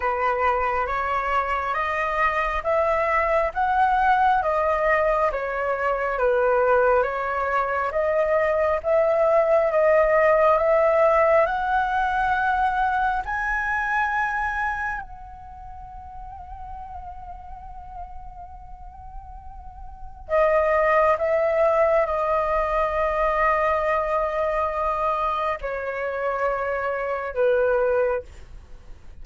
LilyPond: \new Staff \with { instrumentName = "flute" } { \time 4/4 \tempo 4 = 68 b'4 cis''4 dis''4 e''4 | fis''4 dis''4 cis''4 b'4 | cis''4 dis''4 e''4 dis''4 | e''4 fis''2 gis''4~ |
gis''4 fis''2.~ | fis''2. dis''4 | e''4 dis''2.~ | dis''4 cis''2 b'4 | }